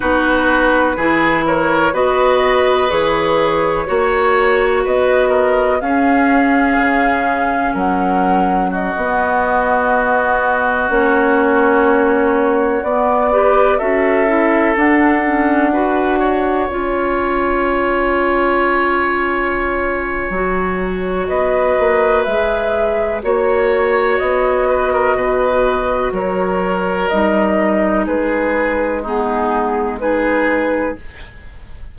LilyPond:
<<
  \new Staff \with { instrumentName = "flute" } { \time 4/4 \tempo 4 = 62 b'4. cis''8 dis''4 cis''4~ | cis''4 dis''4 f''2 | fis''4 dis''2~ dis''16 cis''8.~ | cis''4~ cis''16 d''4 e''4 fis''8.~ |
fis''4~ fis''16 gis''2~ gis''8.~ | gis''2 dis''4 e''4 | cis''4 dis''2 cis''4 | dis''4 b'4 gis'4 b'4 | }
  \new Staff \with { instrumentName = "oboe" } { \time 4/4 fis'4 gis'8 ais'8 b'2 | cis''4 b'8 ais'8 gis'2 | ais'4 fis'2.~ | fis'4.~ fis'16 b'8 a'4.~ a'16~ |
a'16 b'8 cis''2.~ cis''16~ | cis''2 b'2 | cis''4. b'16 ais'16 b'4 ais'4~ | ais'4 gis'4 dis'4 gis'4 | }
  \new Staff \with { instrumentName = "clarinet" } { \time 4/4 dis'4 e'4 fis'4 gis'4 | fis'2 cis'2~ | cis'4~ cis'16 b2 cis'8.~ | cis'4~ cis'16 b8 g'8 fis'8 e'8 d'8 cis'16~ |
cis'16 fis'4 f'2~ f'8.~ | f'4 fis'2 gis'4 | fis'1 | dis'2 b4 dis'4 | }
  \new Staff \with { instrumentName = "bassoon" } { \time 4/4 b4 e4 b4 e4 | ais4 b4 cis'4 cis4 | fis4~ fis16 b2 ais8.~ | ais4~ ais16 b4 cis'4 d'8.~ |
d'4~ d'16 cis'2~ cis'8.~ | cis'4 fis4 b8 ais8 gis4 | ais4 b4 b,4 fis4 | g4 gis2. | }
>>